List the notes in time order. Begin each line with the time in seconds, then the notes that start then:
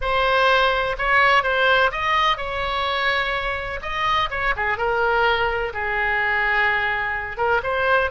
0.01 C5
0.98 C#5
1.43 C5
1.91 D#5
2.37 C#5
3.81 D#5
4.30 C#5
4.56 G#4
4.77 A#4
5.73 G#4
7.37 A#4
7.63 C5